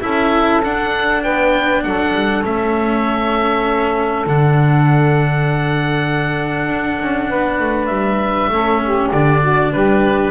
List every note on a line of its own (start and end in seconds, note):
0.00 0.64 C#4
0.00 0.61 E4
0.00 1.22 A4
0.00 0.62 E5
0.64 1.24 D4
0.64 2.43 D4
0.64 1.23 F#5
1.22 1.84 B3
1.22 1.83 B4
1.22 1.83 G5
1.83 2.13 F#3
1.83 7.29 A4
1.83 2.43 F#5
2.13 2.43 G3
2.43 4.26 A3
2.43 4.25 C#4
2.43 4.26 E5
4.26 6.67 D3
4.26 8.51 D4
4.26 7.86 F#5
6.67 6.98 D4
7.00 7.30 C#4
7.29 7.59 B3
7.29 8.50 B4
7.59 7.88 A3
7.86 8.48 G3
7.86 9.07 E5
8.48 9.09 A3
8.48 9.12 C#4
8.48 8.82 A4
8.83 9.41 G4
9.11 9.72 D3
9.11 10.30 D4
9.11 9.72 D5
9.41 9.71 F#4
9.71 10.30 G3
9.71 10.30 G4
9.71 10.30 B4